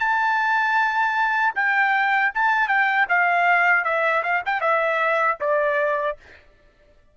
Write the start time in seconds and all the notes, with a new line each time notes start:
0.00 A5
1.55 G5
2.35 A5
2.68 G5
3.09 F5
3.84 E5
4.23 F5
4.46 G5
4.61 E5
5.41 D5